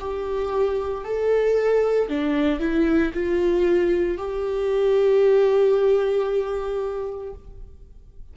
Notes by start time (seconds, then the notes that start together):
0.00 G4
1.04 A4
2.09 D4
2.60 E4
3.14 F4
4.18 G4